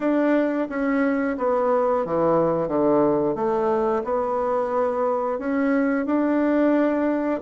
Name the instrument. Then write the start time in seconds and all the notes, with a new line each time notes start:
bassoon
0.00 D4
0.69 C#4
1.37 B3
2.05 E3
2.68 D3
3.35 A3
4.04 B3
5.38 C#4
6.06 D4